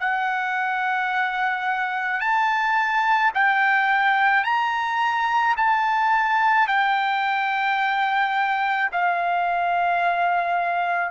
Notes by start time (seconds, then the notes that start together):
0.00 F#5
2.20 A5
3.34 G5
4.44 A#5
5.57 A5
6.68 G5
8.92 F5